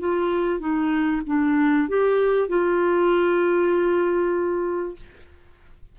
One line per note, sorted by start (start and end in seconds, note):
0.00 0.60 F4
0.60 1.22 D#4
1.27 1.89 D4
1.89 2.49 G4
2.49 4.96 F4